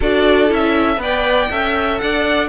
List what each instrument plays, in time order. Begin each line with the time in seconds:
0.00 cello D4, viola F#4, violin A4 D5
0.48 cello C#4, viola E4, violin E5
0.97 cello B3, viola B4, violin D5 G5
1.50 cello C#4, viola A4, violin E5
1.98 cello D4, violin D5 F#5